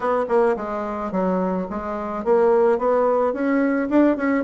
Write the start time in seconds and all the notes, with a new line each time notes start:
0.00 B3
0.28 A#3
0.56 G#3
1.11 F#3
1.70 G#3
2.24 A#3
2.78 B3
3.33 C#4
3.89 D4
4.16 C#4